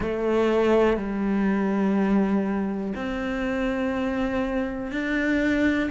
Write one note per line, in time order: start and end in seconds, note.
0.00 0.97 A3
0.97 2.93 G3
2.95 4.91 C4
4.91 5.90 D4